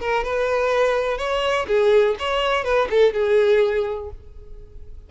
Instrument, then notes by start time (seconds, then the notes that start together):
violin
0.00 A#4
0.24 B4
1.18 C#5
1.67 G#4
2.19 C#5
2.64 B4
2.90 A4
3.13 G#4